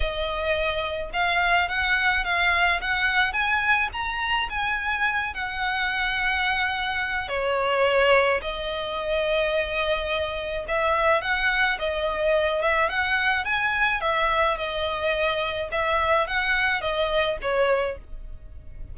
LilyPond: \new Staff \with { instrumentName = "violin" } { \time 4/4 \tempo 4 = 107 dis''2 f''4 fis''4 | f''4 fis''4 gis''4 ais''4 | gis''4. fis''2~ fis''8~ | fis''4 cis''2 dis''4~ |
dis''2. e''4 | fis''4 dis''4. e''8 fis''4 | gis''4 e''4 dis''2 | e''4 fis''4 dis''4 cis''4 | }